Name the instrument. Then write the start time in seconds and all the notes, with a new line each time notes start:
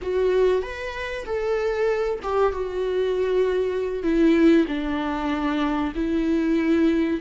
viola
0.02 F#4
0.62 B4
1.25 A4
2.22 G4
2.52 F#4
4.03 E4
4.67 D4
5.95 E4